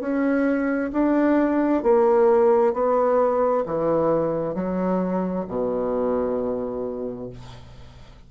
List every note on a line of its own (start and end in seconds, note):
0.00 0.91 C#4
0.92 1.83 D4
1.83 2.73 A#3
2.73 3.64 B3
3.65 4.54 E3
4.54 5.45 F#3
5.48 7.29 B2